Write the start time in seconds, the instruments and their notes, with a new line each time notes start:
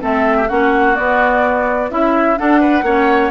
0.00 bassoon A3, clarinet C4, oboe A4, flute E5
0.37 oboe G4
0.48 bassoon A#3, clarinet C#4, oboe F#4, flute F#5
0.95 clarinet B3, bassoon B3, flute D5
1.89 bassoon C#4, clarinet E4, oboe E4, flute E5
2.36 clarinet D4, bassoon D4, oboe A4, flute F#5
2.60 oboe B4
2.82 bassoon A#3, clarinet C#4, oboe C#5